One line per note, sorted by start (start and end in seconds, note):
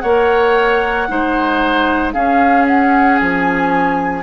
0.00 1.09 A#3
0.00 1.08 A#4
0.00 1.07 C#5
0.00 2.11 F#5
1.08 2.14 G#3
1.08 2.13 D#4
1.08 2.13 C5
2.13 4.23 C#4
2.13 3.20 C#4
2.13 4.23 G#4
2.13 2.66 F5
2.67 3.20 F#5
3.20 4.23 F3
3.20 4.23 G#5